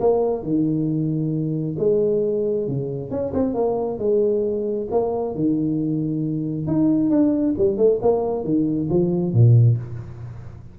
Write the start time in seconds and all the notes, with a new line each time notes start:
0.00 A#3
0.43 D#3
1.79 G#3
2.67 C#3
3.11 C#4
3.34 C4
3.54 A#3
3.99 G#3
4.91 A#3
5.35 D#3
6.67 D#4
7.10 D4
7.58 G3
7.77 A3
8.02 A#3
8.44 D#3
8.90 F3
9.33 A#2